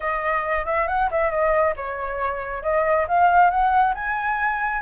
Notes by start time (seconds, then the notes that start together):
0.00 D#5
0.65 E5
0.87 F#5
1.10 E5
1.30 D#5
1.76 C#5
2.62 D#5
3.08 F5
3.50 F#5
3.94 G#5